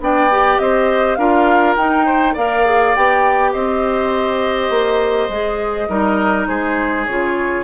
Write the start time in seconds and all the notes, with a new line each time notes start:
0.00 B3 D4 D5 G5
0.31 G4
0.59 C4 C5 D#5
1.15 D4 F4 A#4 F5
1.76 D#4 G5
2.05 C5
2.34 A#3 A#4 D5 F5
2.66 G#4
2.95 B3 G4 G5
3.53 C4 C5 D#5
4.70 A#3
5.29 G#3 G#4
5.89 G3 D#4 A#4
6.47 G#3 G#4 C5
7.06 C#3 F4 C#5